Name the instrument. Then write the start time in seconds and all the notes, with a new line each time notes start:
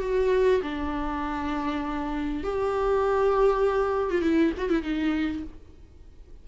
viola
0.00 F#4
0.62 D4
2.44 G4
4.10 F4
4.21 E4
4.57 F#4
4.69 E4
4.82 D#4